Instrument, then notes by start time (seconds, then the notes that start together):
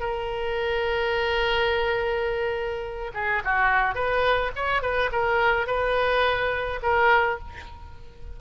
oboe
0.00 A#4
3.14 G#4
3.45 F#4
3.95 B4
4.56 C#5
4.82 B4
5.12 A#4
5.67 B4
6.83 A#4